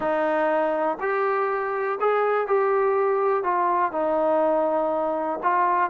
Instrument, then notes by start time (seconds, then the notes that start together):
trombone
0.00 D#4
1.00 G4
2.00 G#4
2.47 G4
3.43 F4
3.91 D#4
5.42 F4